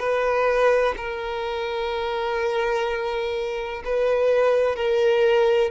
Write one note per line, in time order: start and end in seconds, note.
0.00 0.95 B4
0.97 3.83 A#4
3.85 4.76 B4
4.76 5.71 A#4